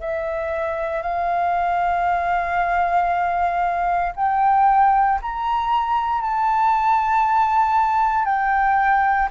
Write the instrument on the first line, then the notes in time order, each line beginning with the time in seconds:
flute
0.00 E5
1.03 F5
4.16 G5
5.22 A#5
6.22 A5
8.25 G5